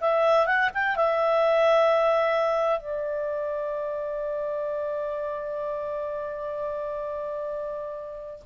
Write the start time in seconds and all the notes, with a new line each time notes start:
0.00 E5
0.46 F#5
0.74 G5
0.96 E5
2.79 D5